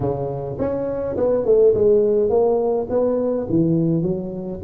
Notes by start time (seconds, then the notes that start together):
0.00 C#3
0.58 C#4
1.17 B3
1.45 A3
1.74 G#3
2.29 A#3
2.89 B3
3.49 E3
4.02 F#3